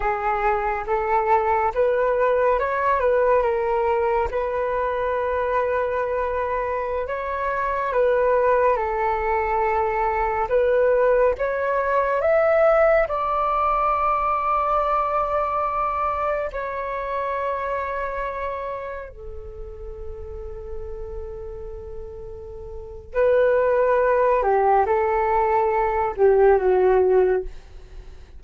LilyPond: \new Staff \with { instrumentName = "flute" } { \time 4/4 \tempo 4 = 70 gis'4 a'4 b'4 cis''8 b'8 | ais'4 b'2.~ | b'16 cis''4 b'4 a'4.~ a'16~ | a'16 b'4 cis''4 e''4 d''8.~ |
d''2.~ d''16 cis''8.~ | cis''2~ cis''16 a'4.~ a'16~ | a'2. b'4~ | b'8 g'8 a'4. g'8 fis'4 | }